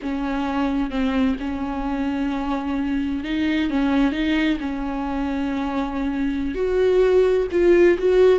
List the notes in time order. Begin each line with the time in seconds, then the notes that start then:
0.01 C#4
0.90 C4
1.39 C#4
3.24 D#4
3.70 C#4
4.12 D#4
4.59 C#4
6.54 F#4
7.51 F4
7.98 F#4